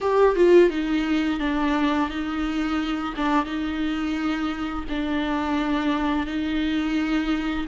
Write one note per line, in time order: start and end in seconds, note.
0.00 0.35 G4
0.35 0.70 F4
0.70 1.39 D#4
1.39 2.09 D4
2.09 3.14 D#4
3.16 3.45 D4
3.45 4.84 D#4
4.89 6.26 D4
6.26 7.66 D#4